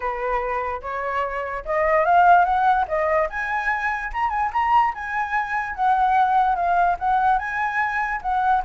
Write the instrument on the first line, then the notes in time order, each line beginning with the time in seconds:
flute
0.00 B4
0.82 C#5
1.65 D#5
2.05 F5
2.44 F#5
2.88 D#5
3.29 G#5
4.13 A#5
4.29 G#5
4.52 A#5
4.94 G#5
5.75 F#5
6.55 F5
6.99 F#5
7.38 G#5
8.22 F#5